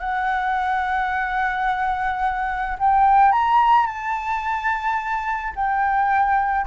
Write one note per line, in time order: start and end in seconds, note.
0.00 2.78 F#5
2.79 3.32 G5
3.32 3.87 A#5
3.87 5.54 A5
5.56 6.67 G5